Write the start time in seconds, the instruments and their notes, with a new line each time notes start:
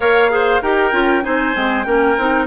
0.00 bassoon A#3, clarinet A#4, oboe C#5, flute F5
0.29 clarinet G#4, oboe C5
0.61 bassoon D#4, clarinet G4, oboe A#4, flute G5
0.91 bassoon C#4, clarinet F4
1.23 bassoon C4, clarinet D#4, oboe C5, flute G#5
1.53 bassoon G#3, clarinet C4
1.82 bassoon A#3, clarinet C#4, oboe A#4, flute G5
2.17 bassoon C4, clarinet D#4